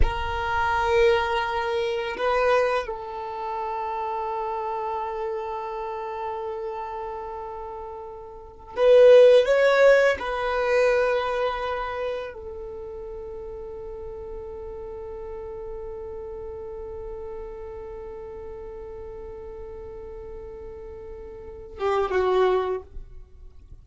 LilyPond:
\new Staff \with { instrumentName = "violin" } { \time 4/4 \tempo 4 = 84 ais'2. b'4 | a'1~ | a'1~ | a'16 b'4 cis''4 b'4.~ b'16~ |
b'4~ b'16 a'2~ a'8.~ | a'1~ | a'1~ | a'2~ a'8 g'8 fis'4 | }